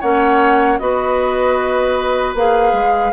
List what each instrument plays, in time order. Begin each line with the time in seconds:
0.00 bassoon A#3, clarinet C#4, oboe C#5, flute F#5
0.78 bassoon B3, clarinet F#4, oboe B4, flute D#5
2.34 bassoon A#3, clarinet G#4, flute F5
2.73 bassoon G#3